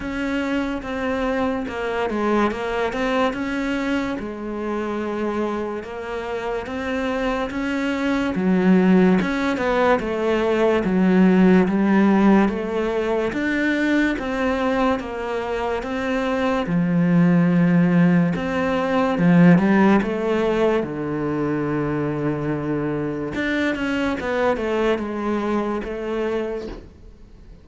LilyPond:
\new Staff \with { instrumentName = "cello" } { \time 4/4 \tempo 4 = 72 cis'4 c'4 ais8 gis8 ais8 c'8 | cis'4 gis2 ais4 | c'4 cis'4 fis4 cis'8 b8 | a4 fis4 g4 a4 |
d'4 c'4 ais4 c'4 | f2 c'4 f8 g8 | a4 d2. | d'8 cis'8 b8 a8 gis4 a4 | }